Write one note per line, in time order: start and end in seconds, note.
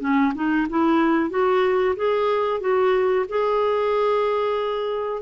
0.00 0.33 C#4
0.35 0.67 D#4
0.69 1.30 E4
1.30 1.95 F#4
1.96 2.60 G#4
2.60 3.25 F#4
3.29 5.22 G#4